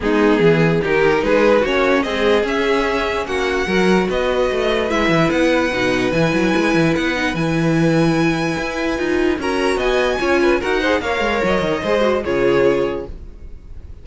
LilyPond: <<
  \new Staff \with { instrumentName = "violin" } { \time 4/4 \tempo 4 = 147 gis'2 ais'4 b'4 | cis''4 dis''4 e''2 | fis''2 dis''2 | e''4 fis''2 gis''4~ |
gis''4 fis''4 gis''2~ | gis''2. ais''4 | gis''2 fis''4 f''4 | dis''2 cis''2 | }
  \new Staff \with { instrumentName = "violin" } { \time 4/4 dis'4 gis'4 g'4 gis'4 | fis'4 gis'2. | fis'4 ais'4 b'2~ | b'1~ |
b'1~ | b'2. ais'4 | dis''4 cis''8 b'8 ais'8 c''8 cis''4~ | cis''4 c''4 gis'2 | }
  \new Staff \with { instrumentName = "viola" } { \time 4/4 b2 dis'2 | cis'4 gis4 cis'2~ | cis'4 fis'2. | e'2 dis'4 e'4~ |
e'4. dis'8 e'2~ | e'2 f'4 fis'4~ | fis'4 f'4 fis'8 gis'8 ais'4~ | ais'4 gis'8 fis'8 f'2 | }
  \new Staff \with { instrumentName = "cello" } { \time 4/4 gis4 e4 dis4 gis4 | ais4 c'4 cis'2 | ais4 fis4 b4 a4 | gis8 e8 b4 b,4 e8 fis8 |
gis8 e8 b4 e2~ | e4 e'4 dis'4 cis'4 | b4 cis'4 dis'4 ais8 gis8 | fis8 dis8 gis4 cis2 | }
>>